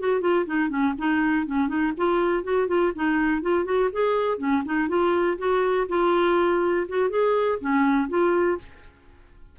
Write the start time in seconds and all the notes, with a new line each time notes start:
0.00 F#4
0.21 F4
0.46 D#4
0.70 C#4
0.99 D#4
1.47 C#4
1.68 D#4
1.98 F4
2.44 F#4
2.68 F4
2.96 D#4
3.43 F4
3.65 F#4
3.93 G#4
4.39 C#4
4.66 D#4
4.89 F4
5.39 F#4
5.89 F4
6.89 F#4
7.10 G#4
7.61 C#4
8.09 F4